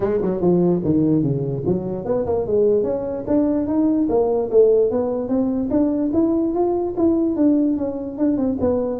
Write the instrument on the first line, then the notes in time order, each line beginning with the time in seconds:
tuba
0.00 G#3
0.21 F#3
0.40 F3
0.84 D#3
1.22 C#3
1.66 F#3
2.05 B3
2.25 A#3
2.46 G#3
2.83 C#4
3.27 D4
3.67 D#4
4.09 A#3
4.50 A3
4.90 B3
5.28 C4
5.70 D4
6.13 E4
6.54 F4
6.97 E4
7.36 D4
7.77 C#4
8.18 D4
8.37 C4
8.60 B3